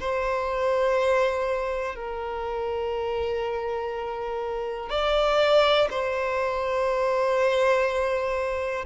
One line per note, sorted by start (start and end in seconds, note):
0.00 1.95 C5
1.95 4.90 A#4
4.90 5.88 D5
5.90 8.85 C5